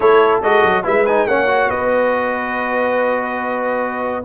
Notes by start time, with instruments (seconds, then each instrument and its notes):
0.00 tuba A3, trombone E4, horn A4, trumpet C#5
0.42 tuba G#3, trombone F#4, trumpet D#5
0.64 tuba F#3
0.83 tuba G#3, trombone E4, horn B4, trumpet E5
1.06 trombone D#4, trumpet G#5
1.27 tuba A#3, trombone C#4, horn C#5, trumpet F#5
1.46 trombone F#4
1.69 tuba B3, horn B4, trumpet D#5